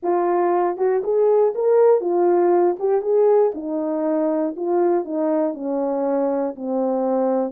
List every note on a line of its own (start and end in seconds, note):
0.03 0.77 F4
0.77 1.02 F#4
1.03 1.54 G#4
1.54 2.00 A#4
2.00 2.76 F4
2.79 3.01 G4
3.01 3.52 G#4
3.54 4.55 D#4
4.56 5.04 F4
5.04 5.54 D#4
5.54 6.55 C#4
6.55 7.52 C4